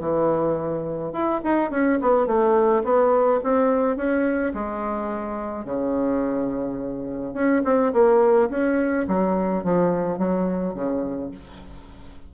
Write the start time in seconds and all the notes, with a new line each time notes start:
0.00 E3
1.13 E4
1.44 D#4
1.71 C#4
2.02 B3
2.27 A3
2.84 B3
3.43 C4
3.97 C#4
4.54 G#3
5.66 C#3
7.34 C#4
7.65 C4
7.93 A#3
8.50 C#4
9.08 F#3
9.64 F3
10.19 F#3
10.75 C#3